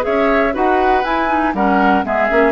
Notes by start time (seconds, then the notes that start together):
0.00 G#4 C#5 E5
0.06 C#4
0.53 D#4 F#4 B4 F#5
1.03 E4 G#5
1.27 D#4
1.54 G3 C#4 A#4 F#5
2.03 G#3 B3 G#4 E5
2.29 A#3 C#4